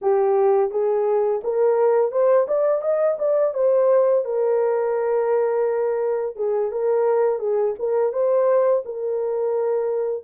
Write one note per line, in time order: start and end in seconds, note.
0.01 0.70 G4
0.70 1.41 G#4
1.43 2.11 A#4
2.11 2.46 C5
2.47 2.81 D5
2.81 3.17 D#5
3.19 3.54 D5
3.54 4.24 C5
4.24 6.36 A#4
6.36 6.71 G#4
6.71 7.39 A#4
7.39 7.74 G#4
7.78 8.12 A#4
8.12 8.83 C5
8.85 10.23 A#4